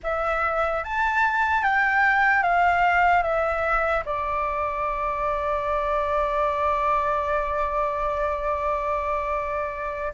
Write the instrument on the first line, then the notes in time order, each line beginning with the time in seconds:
flute
0.03 E5
0.83 A5
1.63 G5
2.43 F5
3.22 E5
4.05 D5